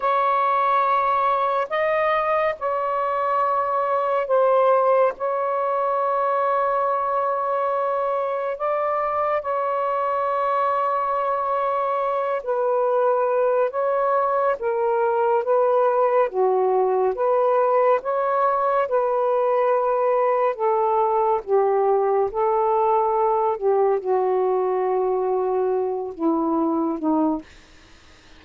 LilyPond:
\new Staff \with { instrumentName = "saxophone" } { \time 4/4 \tempo 4 = 70 cis''2 dis''4 cis''4~ | cis''4 c''4 cis''2~ | cis''2 d''4 cis''4~ | cis''2~ cis''8 b'4. |
cis''4 ais'4 b'4 fis'4 | b'4 cis''4 b'2 | a'4 g'4 a'4. g'8 | fis'2~ fis'8 e'4 dis'8 | }